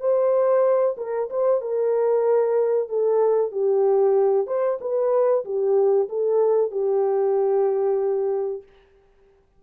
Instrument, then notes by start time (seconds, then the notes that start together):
horn
0.00 C5
0.97 A#4
1.30 C5
1.61 A#4
2.88 A4
3.52 G4
4.47 C5
4.80 B4
5.45 G4
6.09 A4
6.71 G4